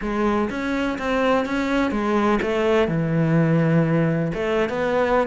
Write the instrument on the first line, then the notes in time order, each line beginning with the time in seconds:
cello
0.01 G#3
0.49 C#4
0.98 C4
1.45 C#4
1.91 G#3
2.42 A3
2.88 E3
4.33 A3
4.69 B3